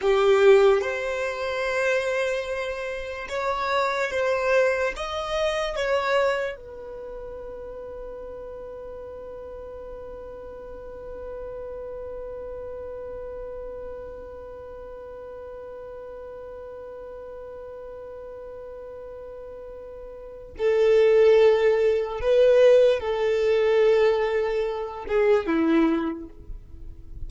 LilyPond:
\new Staff \with { instrumentName = "violin" } { \time 4/4 \tempo 4 = 73 g'4 c''2. | cis''4 c''4 dis''4 cis''4 | b'1~ | b'1~ |
b'1~ | b'1~ | b'4 a'2 b'4 | a'2~ a'8 gis'8 e'4 | }